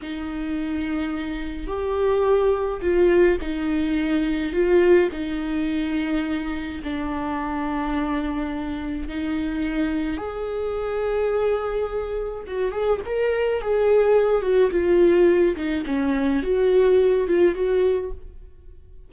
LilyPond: \new Staff \with { instrumentName = "viola" } { \time 4/4 \tempo 4 = 106 dis'2. g'4~ | g'4 f'4 dis'2 | f'4 dis'2. | d'1 |
dis'2 gis'2~ | gis'2 fis'8 gis'8 ais'4 | gis'4. fis'8 f'4. dis'8 | cis'4 fis'4. f'8 fis'4 | }